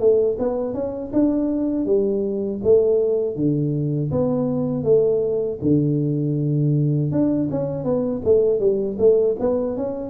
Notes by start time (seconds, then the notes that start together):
0.00 A3
0.39 B3
0.74 C#4
1.13 D4
1.86 G3
2.64 A3
3.36 D3
4.11 B3
4.84 A3
5.62 D3
7.12 D4
7.51 C#4
7.84 B3
8.25 A3
8.60 G3
8.99 A3
9.40 B3
9.77 C#4